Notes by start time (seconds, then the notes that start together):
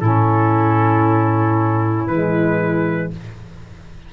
0.00 A2 C#4 E4 A4
2.07 E3 G#3 B4